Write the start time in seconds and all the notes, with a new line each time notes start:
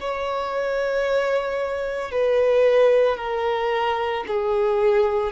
0.00 C#5
2.11 B4
3.17 A#4
4.27 G#4